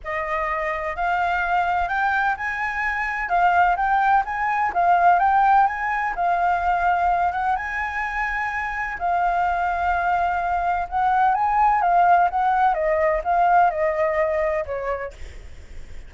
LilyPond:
\new Staff \with { instrumentName = "flute" } { \time 4/4 \tempo 4 = 127 dis''2 f''2 | g''4 gis''2 f''4 | g''4 gis''4 f''4 g''4 | gis''4 f''2~ f''8 fis''8 |
gis''2. f''4~ | f''2. fis''4 | gis''4 f''4 fis''4 dis''4 | f''4 dis''2 cis''4 | }